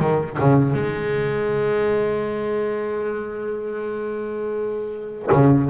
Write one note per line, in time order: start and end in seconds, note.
0.00 0.38 D#3
0.39 0.74 C#3
0.74 5.30 G#3
5.32 5.70 C#3